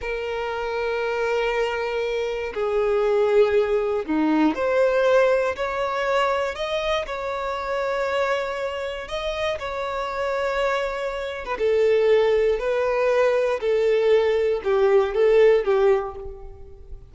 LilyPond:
\new Staff \with { instrumentName = "violin" } { \time 4/4 \tempo 4 = 119 ais'1~ | ais'4 gis'2. | dis'4 c''2 cis''4~ | cis''4 dis''4 cis''2~ |
cis''2 dis''4 cis''4~ | cis''2~ cis''8. b'16 a'4~ | a'4 b'2 a'4~ | a'4 g'4 a'4 g'4 | }